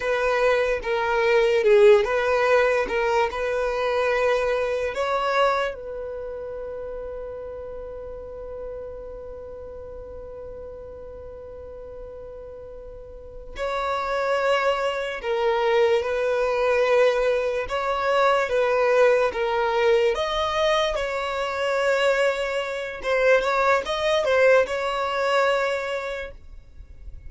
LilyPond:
\new Staff \with { instrumentName = "violin" } { \time 4/4 \tempo 4 = 73 b'4 ais'4 gis'8 b'4 ais'8 | b'2 cis''4 b'4~ | b'1~ | b'1~ |
b'8 cis''2 ais'4 b'8~ | b'4. cis''4 b'4 ais'8~ | ais'8 dis''4 cis''2~ cis''8 | c''8 cis''8 dis''8 c''8 cis''2 | }